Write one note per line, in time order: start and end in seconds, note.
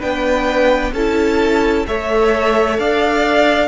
0.00 0.93 B3
0.00 0.93 D4
0.00 0.92 B4
0.00 0.94 G5
0.93 1.86 C#4
0.93 1.88 E4
0.93 1.87 A4
0.93 1.87 A5
1.88 2.79 A3
1.88 3.69 A4
1.88 2.80 C#5
1.88 2.79 E5
2.79 3.69 D4
2.79 3.69 D5
2.79 3.69 F5